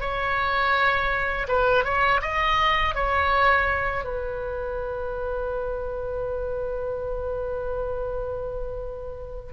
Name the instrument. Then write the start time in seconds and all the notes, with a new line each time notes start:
oboe
0.00 C#5
1.48 B4
1.84 C#5
2.21 D#5
2.94 C#5
4.04 B4